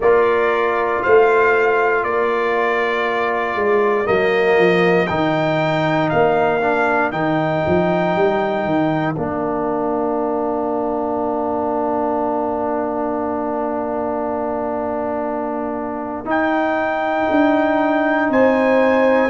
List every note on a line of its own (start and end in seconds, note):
0.00 1.01 A#3
0.00 4.05 F4
0.00 1.03 A#4
0.00 1.02 D5
1.03 2.04 A3
1.03 2.03 C5
1.03 2.03 F5
2.03 3.55 A#3
2.03 18.30 A#4
2.03 4.06 D5
3.55 4.06 G#3
4.05 4.57 F#3
4.05 5.07 A#3
4.05 5.07 D#5
4.57 5.08 F3
5.07 6.11 D#3
5.07 6.61 D#4
5.07 6.08 G5
6.09 7.12 A#3
6.09 7.10 F5
6.61 7.11 D4
7.11 7.62 D#3
7.11 9.15 D#4
7.11 9.13 G5
7.67 8.15 F3
8.15 8.65 G3
8.65 9.16 D#3
9.13 16.25 A#3
9.13 16.25 D4
9.13 16.25 F5
16.25 17.26 D#4
16.25 19.29 D#4
16.25 18.32 G5
17.30 18.29 D4
18.29 19.29 C4
18.29 19.29 C5
18.29 19.29 G#5